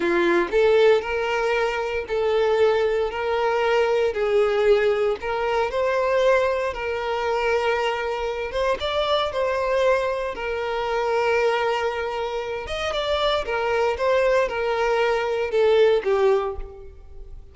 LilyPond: \new Staff \with { instrumentName = "violin" } { \time 4/4 \tempo 4 = 116 f'4 a'4 ais'2 | a'2 ais'2 | gis'2 ais'4 c''4~ | c''4 ais'2.~ |
ais'8 c''8 d''4 c''2 | ais'1~ | ais'8 dis''8 d''4 ais'4 c''4 | ais'2 a'4 g'4 | }